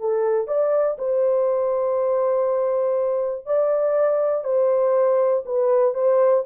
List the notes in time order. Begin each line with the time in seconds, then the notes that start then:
0.00 A4
0.48 D5
0.98 C5
3.46 D5
4.44 C5
5.46 B4
5.95 C5